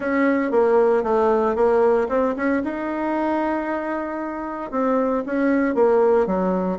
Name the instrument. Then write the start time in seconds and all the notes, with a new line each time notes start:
bassoon
0.00 C#4
0.51 A#3
1.03 A3
1.55 A#3
2.08 C4
2.36 C#4
2.64 D#4
4.71 C4
5.26 C#4
5.74 A#3
6.26 F#3